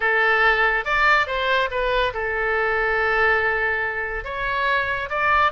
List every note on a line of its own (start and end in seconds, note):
0.00 0.84 A4
0.84 1.26 D5
1.26 1.69 C5
1.70 2.13 B4
2.13 4.24 A4
4.24 5.09 C#5
5.09 5.52 D5